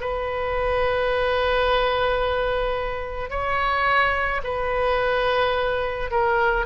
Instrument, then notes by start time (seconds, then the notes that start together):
oboe
0.00 B4
3.30 C#5
4.44 B4
6.11 A#4